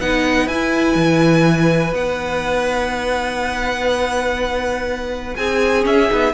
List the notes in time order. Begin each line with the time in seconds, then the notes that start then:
0.00 B3 D#4 B4 F#5
0.46 E4 G#5
0.95 E3
1.92 B3 D#4 F#5
5.35 C4 G#4 G#5
5.81 C#4 E5
6.07 B3 D#4